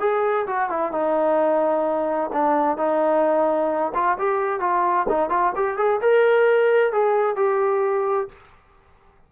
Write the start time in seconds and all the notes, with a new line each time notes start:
0.00 G#4
0.47 F#4
0.70 E4
0.92 D#4
2.33 D4
2.77 D#4
3.95 F4
4.19 G4
4.60 F4
5.09 D#4
5.30 F4
5.56 G4
5.78 G#4
6.01 A#4
6.93 G#4
7.36 G4